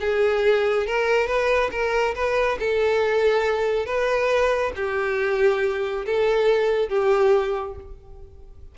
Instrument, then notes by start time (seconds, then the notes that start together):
violin
0.00 G#4
0.86 A#4
1.27 B4
1.71 A#4
2.15 B4
2.59 A4
3.86 B4
4.76 G4
6.06 A4
6.89 G4